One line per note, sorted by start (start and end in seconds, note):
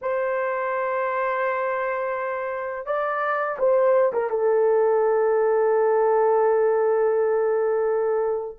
0.01 2.86 C5
2.86 3.57 D5
3.58 4.12 C5
4.12 4.29 A#4
4.29 8.58 A4